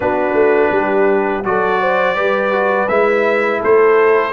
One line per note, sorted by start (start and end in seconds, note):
0.00 0.33 B3
0.00 1.43 D4
0.00 0.72 F#4
0.00 1.44 B4
0.33 0.69 A3
0.71 1.44 G3
0.71 1.45 G4
1.44 2.16 F#3
1.44 2.15 F#4
1.44 1.80 A4
1.44 2.88 D5
1.80 2.16 C5
2.15 2.88 G3
2.15 2.51 G4
2.15 3.60 B4
2.51 2.87 F#4
2.88 3.61 G#3
2.88 4.32 E4
2.88 3.60 E5
3.60 4.32 A3
3.60 4.32 A4
3.60 4.32 C5